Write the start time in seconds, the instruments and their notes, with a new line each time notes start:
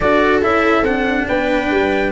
0.00 tuba D4, cello F#4, viola A4, trumpet D5
0.41 tuba C#4, cello E4, trumpet E5
0.81 tuba C4, cello D4, trumpet F#5
1.27 tuba B3, viola B4, trumpet G5
1.70 tuba G3